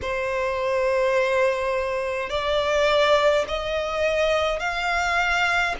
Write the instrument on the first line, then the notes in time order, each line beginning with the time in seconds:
violin
0.01 C5
2.29 D5
3.48 D#5
4.59 F5